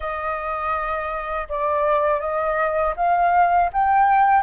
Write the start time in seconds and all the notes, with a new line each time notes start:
0.00 D#5
1.48 D5
2.20 D#5
2.96 F5
3.72 G5